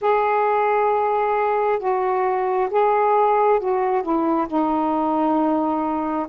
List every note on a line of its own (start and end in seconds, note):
0.01 1.79 G#4
1.79 2.69 F#4
2.70 3.59 G#4
3.59 4.02 F#4
4.02 4.47 E4
4.47 6.26 D#4